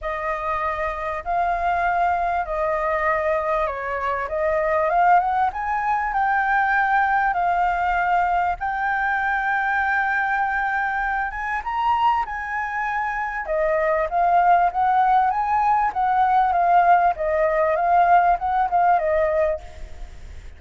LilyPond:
\new Staff \with { instrumentName = "flute" } { \time 4/4 \tempo 4 = 98 dis''2 f''2 | dis''2 cis''4 dis''4 | f''8 fis''8 gis''4 g''2 | f''2 g''2~ |
g''2~ g''8 gis''8 ais''4 | gis''2 dis''4 f''4 | fis''4 gis''4 fis''4 f''4 | dis''4 f''4 fis''8 f''8 dis''4 | }